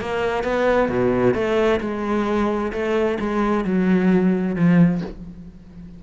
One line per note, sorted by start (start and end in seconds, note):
0.00 0.44 A#3
0.44 0.88 B3
0.88 1.34 B2
1.34 1.80 A3
1.80 2.72 G#3
2.72 3.18 A3
3.20 3.64 G#3
3.64 4.55 F#3
4.55 5.01 F3